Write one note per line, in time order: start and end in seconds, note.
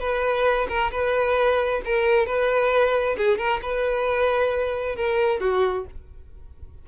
0.00 0.68 B4
0.69 0.91 A#4
0.91 1.82 B4
1.85 2.26 A#4
2.26 3.17 B4
3.18 3.38 G#4
3.38 3.60 A#4
3.63 4.96 B4
4.96 5.40 A#4
5.40 5.85 F#4